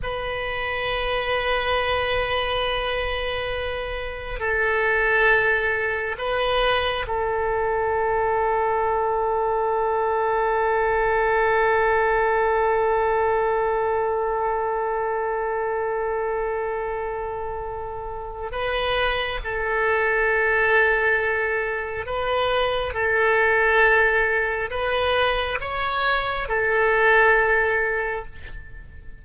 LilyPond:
\new Staff \with { instrumentName = "oboe" } { \time 4/4 \tempo 4 = 68 b'1~ | b'4 a'2 b'4 | a'1~ | a'1~ |
a'1~ | a'4 b'4 a'2~ | a'4 b'4 a'2 | b'4 cis''4 a'2 | }